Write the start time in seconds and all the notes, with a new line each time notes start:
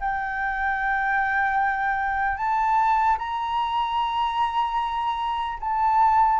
0.00 G5
2.37 A5
3.18 A#5
5.60 A5